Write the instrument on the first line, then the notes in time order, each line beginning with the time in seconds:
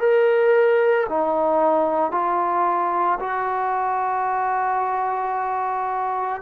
trombone
0.00 A#4
1.09 D#4
2.12 F4
3.20 F#4